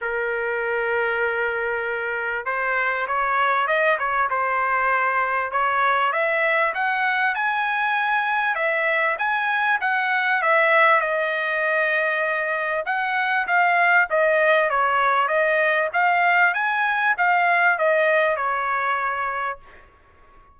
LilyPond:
\new Staff \with { instrumentName = "trumpet" } { \time 4/4 \tempo 4 = 98 ais'1 | c''4 cis''4 dis''8 cis''8 c''4~ | c''4 cis''4 e''4 fis''4 | gis''2 e''4 gis''4 |
fis''4 e''4 dis''2~ | dis''4 fis''4 f''4 dis''4 | cis''4 dis''4 f''4 gis''4 | f''4 dis''4 cis''2 | }